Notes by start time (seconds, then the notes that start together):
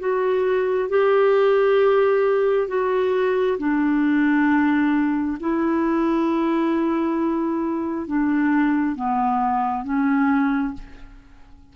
0.00 F#4
0.89 G4
2.68 F#4
3.59 D4
5.40 E4
8.07 D4
8.96 B3
9.84 C#4